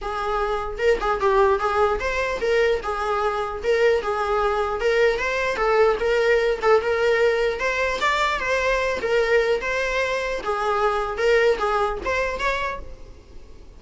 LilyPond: \new Staff \with { instrumentName = "viola" } { \time 4/4 \tempo 4 = 150 gis'2 ais'8 gis'8 g'4 | gis'4 c''4 ais'4 gis'4~ | gis'4 ais'4 gis'2 | ais'4 c''4 a'4 ais'4~ |
ais'8 a'8 ais'2 c''4 | d''4 c''4. ais'4. | c''2 gis'2 | ais'4 gis'4 c''4 cis''4 | }